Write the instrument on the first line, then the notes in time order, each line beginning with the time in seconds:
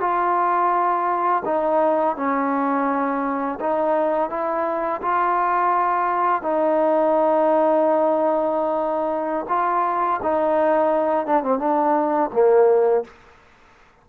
trombone
0.00 F4
1.45 D#4
2.16 C#4
3.60 D#4
4.30 E4
5.02 F4
6.43 D#4
9.49 F4
10.23 D#4
11.27 D4
11.43 C4
11.59 D4
12.33 A#3